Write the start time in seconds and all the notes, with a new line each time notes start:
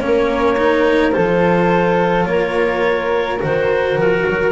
0.00 A#3 C#4 A#4 C#5
0.58 D#4
1.11 F4 A4 C5
1.17 F3
2.25 A#3 A#4 C#5
3.40 D#3 F#4 C5
3.96 F3 A#4
4.27 F#3